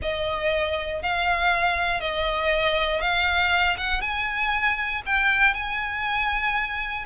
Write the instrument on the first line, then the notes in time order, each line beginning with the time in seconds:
violin
0.02 D#5
1.02 F5
2.00 D#5
3.01 F5
3.77 F#5
4.01 G#5
5.06 G5
5.53 G#5